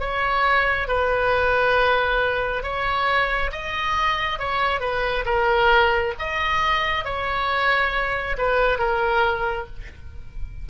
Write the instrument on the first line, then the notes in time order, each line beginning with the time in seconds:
oboe
0.00 C#5
0.88 B4
2.64 C#5
3.52 D#5
4.40 C#5
4.81 B4
5.26 A#4
6.20 D#5
7.05 C#5
8.38 B4
8.79 A#4